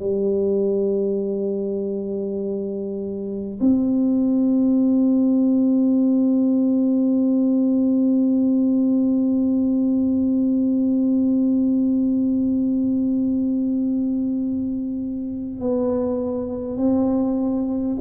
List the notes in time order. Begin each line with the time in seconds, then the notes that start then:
0.00 G3
3.61 C4
15.61 B3
16.78 C4